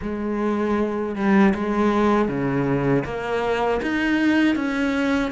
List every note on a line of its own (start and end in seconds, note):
0.01 1.15 G#3
1.15 1.53 G3
1.54 2.28 G#3
2.28 3.04 C#3
3.04 3.80 A#3
3.82 4.55 D#4
4.55 5.31 C#4